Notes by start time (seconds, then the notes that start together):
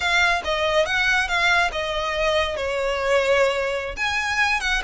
0.00 F5
0.44 D#5
0.85 F#5
1.28 F5
1.72 D#5
2.56 C#5
3.96 G#5
4.60 F#5